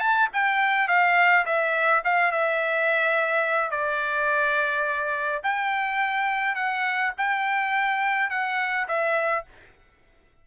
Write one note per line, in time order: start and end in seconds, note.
0.00 0.29 A5
0.34 0.88 G5
0.88 1.45 F5
1.46 2.03 E5
2.05 2.32 F5
2.32 3.71 E5
3.71 5.43 D5
5.43 6.55 G5
6.55 7.12 F#5
7.18 8.30 G5
8.30 8.87 F#5
8.88 9.45 E5